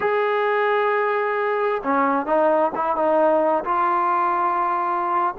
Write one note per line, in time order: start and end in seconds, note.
0.00 1.82 G#4
1.83 2.26 C#4
2.26 2.71 D#4
2.75 2.95 E4
2.95 3.64 D#4
3.64 5.34 F4